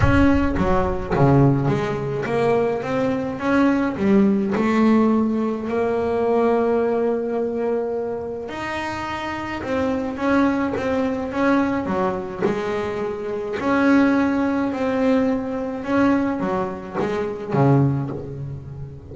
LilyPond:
\new Staff \with { instrumentName = "double bass" } { \time 4/4 \tempo 4 = 106 cis'4 fis4 cis4 gis4 | ais4 c'4 cis'4 g4 | a2 ais2~ | ais2. dis'4~ |
dis'4 c'4 cis'4 c'4 | cis'4 fis4 gis2 | cis'2 c'2 | cis'4 fis4 gis4 cis4 | }